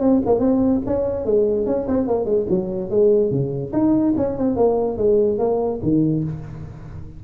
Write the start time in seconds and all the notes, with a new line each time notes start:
0.00 C4
0.25 A#3
0.39 C4
0.86 C#4
1.25 G#3
1.66 C#4
1.87 C4
2.07 A#3
2.25 G#3
2.49 F#3
2.90 G#3
3.31 C#3
3.72 D#4
4.17 C#4
4.38 C4
4.56 A#3
4.97 G#3
5.38 A#3
5.82 D#3